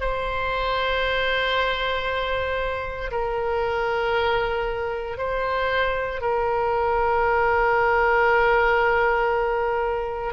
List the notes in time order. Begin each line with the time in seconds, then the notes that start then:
0.00 C5
3.11 A#4
5.17 C5
6.21 A#4